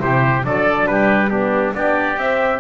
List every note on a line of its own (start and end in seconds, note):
0.00 0.44 C3
0.00 0.43 E4
0.00 0.46 G4
0.00 0.45 C5
0.44 0.86 F#3
0.44 1.31 D4
0.44 0.90 A4
0.44 0.87 D5
0.86 1.73 G3
0.86 1.31 G4
0.86 1.30 B4
1.30 1.74 B3
1.30 1.74 D4
1.30 1.74 G4
1.74 2.17 B3
1.74 2.18 D4
1.74 2.60 G4
1.74 2.19 D5
2.17 2.60 C4
2.17 2.60 E5